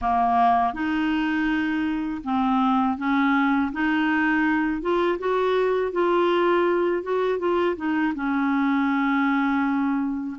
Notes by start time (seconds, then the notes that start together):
0.01 A#3
0.73 D#4
2.24 C4
2.97 C#4
3.72 D#4
4.81 F4
5.18 F#4
5.92 F4
7.02 F#4
7.39 F4
7.76 D#4
8.14 C#4